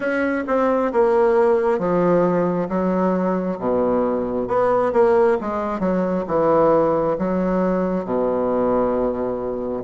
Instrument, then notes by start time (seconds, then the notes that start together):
bassoon
0.00 C#4
0.47 C4
0.92 A#3
1.79 F3
2.69 F#3
3.58 B2
4.47 B3
4.93 A#3
5.41 G#3
5.79 F#3
6.27 E3
7.18 F#3
8.04 B2